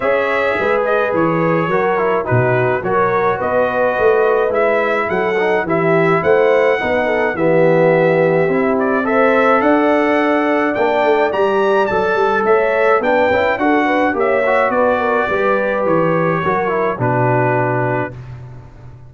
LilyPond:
<<
  \new Staff \with { instrumentName = "trumpet" } { \time 4/4 \tempo 4 = 106 e''4. dis''8 cis''2 | b'4 cis''4 dis''2 | e''4 fis''4 e''4 fis''4~ | fis''4 e''2~ e''8 d''8 |
e''4 fis''2 g''4 | ais''4 a''4 e''4 g''4 | fis''4 e''4 d''2 | cis''2 b'2 | }
  \new Staff \with { instrumentName = "horn" } { \time 4/4 cis''4 b'2 ais'4 | fis'4 ais'4 b'2~ | b'4 a'4 g'4 c''4 | b'8 a'8 g'2. |
c''4 d''2.~ | d''2 cis''4 b'4 | a'8 b'8 cis''4 b'8 ais'8 b'4~ | b'4 ais'4 fis'2 | }
  \new Staff \with { instrumentName = "trombone" } { \time 4/4 gis'2. fis'8 e'8 | dis'4 fis'2. | e'4. dis'8 e'2 | dis'4 b2 e'4 |
a'2. d'4 | g'4 a'2 d'8 e'8 | fis'4 g'8 fis'4. g'4~ | g'4 fis'8 e'8 d'2 | }
  \new Staff \with { instrumentName = "tuba" } { \time 4/4 cis'4 gis4 e4 fis4 | b,4 fis4 b4 a4 | gis4 fis4 e4 a4 | b4 e2 c'4~ |
c'4 d'2 ais8 a8 | g4 fis8 g8 a4 b8 cis'8 | d'4 ais4 b4 g4 | e4 fis4 b,2 | }
>>